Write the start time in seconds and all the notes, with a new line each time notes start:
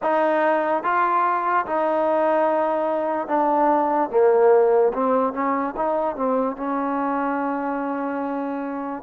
0.02 D#4
0.83 F4
1.66 D#4
3.27 D4
4.10 A#3
4.93 C4
5.33 C#4
5.76 D#4
6.16 C4
6.56 C#4